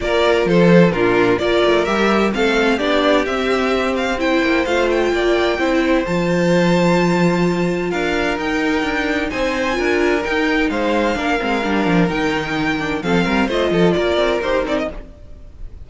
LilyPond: <<
  \new Staff \with { instrumentName = "violin" } { \time 4/4 \tempo 4 = 129 d''4 c''4 ais'4 d''4 | e''4 f''4 d''4 e''4~ | e''8 f''8 g''4 f''8 g''4.~ | g''4 a''2.~ |
a''4 f''4 g''2 | gis''2 g''4 f''4~ | f''2 g''2 | f''4 dis''4 d''4 c''8 d''16 dis''16 | }
  \new Staff \with { instrumentName = "violin" } { \time 4/4 ais'4 a'4 f'4 ais'4~ | ais'4 a'4 g'2~ | g'4 c''2 d''4 | c''1~ |
c''4 ais'2. | c''4 ais'2 c''4 | ais'1 | a'8 ais'8 c''8 a'8 ais'2 | }
  \new Staff \with { instrumentName = "viola" } { \time 4/4 f'2 d'4 f'4 | g'4 c'4 d'4 c'4~ | c'4 e'4 f'2 | e'4 f'2.~ |
f'2 dis'2~ | dis'4 f'4 dis'2 | d'8 c'8 d'4 dis'4. d'8 | c'4 f'2 g'8 dis'8 | }
  \new Staff \with { instrumentName = "cello" } { \time 4/4 ais4 f4 ais,4 ais8 a8 | g4 a4 b4 c'4~ | c'4. ais8 a4 ais4 | c'4 f2.~ |
f4 d'4 dis'4 d'4 | c'4 d'4 dis'4 gis4 | ais8 gis8 g8 f8 dis2 | f8 g8 a8 f8 ais8 c'8 dis'8 c'8 | }
>>